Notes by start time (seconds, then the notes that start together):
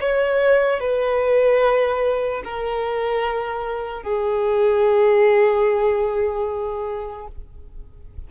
0.00 C#5
0.80 B4
2.44 A#4
4.02 G#4